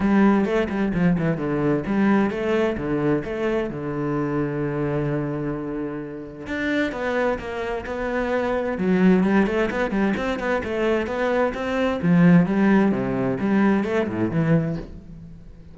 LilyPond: \new Staff \with { instrumentName = "cello" } { \time 4/4 \tempo 4 = 130 g4 a8 g8 f8 e8 d4 | g4 a4 d4 a4 | d1~ | d2 d'4 b4 |
ais4 b2 fis4 | g8 a8 b8 g8 c'8 b8 a4 | b4 c'4 f4 g4 | c4 g4 a8 a,8 e4 | }